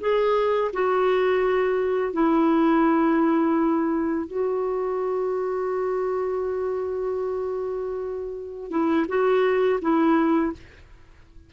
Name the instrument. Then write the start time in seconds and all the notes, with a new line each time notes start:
clarinet
0.00 G#4
0.73 F#4
2.13 E4
4.27 F#4
8.70 E4
9.08 F#4
9.81 E4